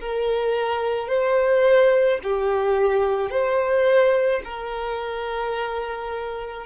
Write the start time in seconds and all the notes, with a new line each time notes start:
0.00 A#4
1.08 C5
2.23 G4
3.30 C5
4.44 A#4